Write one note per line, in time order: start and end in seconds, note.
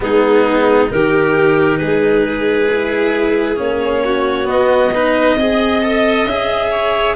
0.00 0.90 G#3
0.00 0.88 B3
0.00 0.92 D#4
0.00 0.90 G#4
0.88 1.80 D#3
0.88 2.67 D#4
0.88 1.79 G4
0.88 1.77 A#4
1.77 3.59 G#3
1.77 4.03 G#4
1.77 3.56 B4
2.72 3.56 E4
3.56 4.48 A#3
3.56 4.45 C#4
3.56 4.48 C#5
4.04 4.94 F#4
4.45 4.89 B3
4.45 5.35 B3
4.45 6.26 D#5
4.94 5.39 D#4
4.94 5.35 B4
5.35 6.24 C4
5.35 5.82 G#4
5.35 6.70 D#5
5.82 6.27 A4
6.24 7.13 C#4
6.24 7.16 G#4
6.24 7.15 E5
6.70 7.15 C#5